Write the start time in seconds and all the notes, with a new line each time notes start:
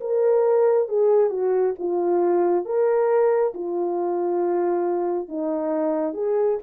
0.00 A#4
0.88 G#4
1.30 F#4
1.78 F4
2.65 A#4
3.53 F4
5.28 D#4
6.13 G#4